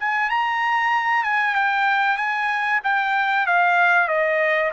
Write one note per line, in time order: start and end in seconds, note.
0.00 0.30 G#5
0.30 1.24 A#5
1.24 1.56 G#5
1.56 2.18 G5
2.18 2.81 G#5
2.84 3.47 G5
3.47 4.09 F5
4.09 4.72 D#5